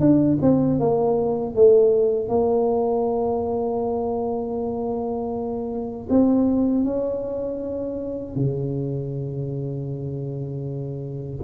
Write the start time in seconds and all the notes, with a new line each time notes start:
0.00 D4
0.41 C4
0.80 A#3
1.55 A3
2.28 A#3
6.10 C4
6.85 C#4
8.35 C#3